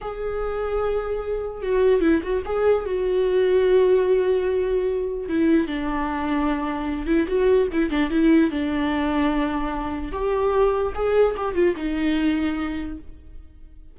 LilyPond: \new Staff \with { instrumentName = "viola" } { \time 4/4 \tempo 4 = 148 gis'1 | fis'4 e'8 fis'8 gis'4 fis'4~ | fis'1~ | fis'4 e'4 d'2~ |
d'4. e'8 fis'4 e'8 d'8 | e'4 d'2.~ | d'4 g'2 gis'4 | g'8 f'8 dis'2. | }